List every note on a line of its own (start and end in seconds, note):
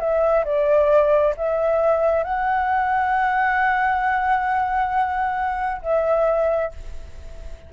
0.00 0.45 E5
0.45 1.35 D5
1.37 2.24 E5
2.24 5.82 F#5
5.82 6.72 E5